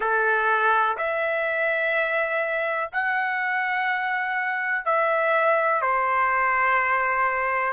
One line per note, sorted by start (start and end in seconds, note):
0.00 0.97 A4
0.97 2.90 E5
2.92 4.85 F#5
4.85 5.81 E5
5.81 7.73 C5